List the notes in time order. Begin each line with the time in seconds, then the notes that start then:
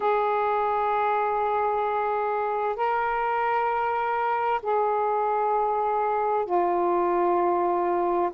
0.00 G#4
2.76 A#4
4.62 G#4
6.45 F4